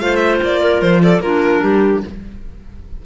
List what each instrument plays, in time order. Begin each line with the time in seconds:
0.00 cello A3, clarinet F4 C5, violin F5
0.16 violin E5
0.43 cello A#3, violin D5
0.62 clarinet A#4
0.82 cello F3, violin C5
1.03 clarinet A4, violin D5
1.20 cello A#3, clarinet D4 F4, violin A#4
1.62 cello G3, clarinet G4